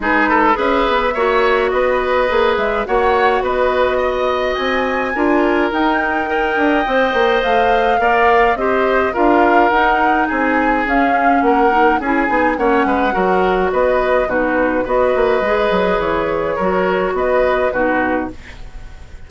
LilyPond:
<<
  \new Staff \with { instrumentName = "flute" } { \time 4/4 \tempo 4 = 105 b'4 e''2 dis''4~ | dis''8 e''8 fis''4 dis''2 | gis''2 g''2~ | g''4 f''2 dis''4 |
f''4 fis''4 gis''4 f''4 | fis''4 gis''4 fis''2 | dis''4 b'4 dis''2 | cis''2 dis''4 b'4 | }
  \new Staff \with { instrumentName = "oboe" } { \time 4/4 gis'8 a'8 b'4 cis''4 b'4~ | b'4 cis''4 b'4 dis''4~ | dis''4 ais'2 dis''4~ | dis''2 d''4 c''4 |
ais'2 gis'2 | ais'4 gis'4 cis''8 b'8 ais'4 | b'4 fis'4 b'2~ | b'4 ais'4 b'4 fis'4 | }
  \new Staff \with { instrumentName = "clarinet" } { \time 4/4 dis'4 gis'4 fis'2 | gis'4 fis'2.~ | fis'4 f'4 dis'4 ais'4 | c''2 ais'4 g'4 |
f'4 dis'2 cis'4~ | cis'8 dis'8 e'8 dis'8 cis'4 fis'4~ | fis'4 dis'4 fis'4 gis'4~ | gis'4 fis'2 dis'4 | }
  \new Staff \with { instrumentName = "bassoon" } { \time 4/4 gis4 cis'8 b8 ais4 b4 | ais8 gis8 ais4 b2 | c'4 d'4 dis'4. d'8 | c'8 ais8 a4 ais4 c'4 |
d'4 dis'4 c'4 cis'4 | ais4 cis'8 b8 ais8 gis8 fis4 | b4 b,4 b8 ais8 gis8 fis8 | e4 fis4 b4 b,4 | }
>>